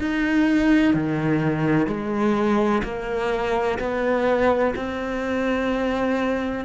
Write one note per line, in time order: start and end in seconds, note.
0.00 0.94 D#4
0.94 1.87 D#3
1.87 2.83 G#3
2.84 3.79 A#3
3.80 4.75 B3
4.76 6.65 C4